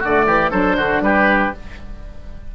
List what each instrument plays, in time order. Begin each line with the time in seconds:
0.00 bassoon D3, saxophone A3, oboe F#4 D5
0.26 bassoon E3, oboe G4
0.51 bassoon F#3, saxophone D4, oboe A4 C5
0.77 bassoon D3, oboe F#4
1.01 bassoon G3, oboe G4 B4